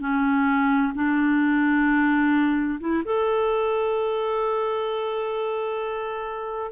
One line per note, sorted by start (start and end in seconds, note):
0.00 0.92 C#4
0.94 2.79 D4
2.79 3.03 E4
3.05 6.71 A4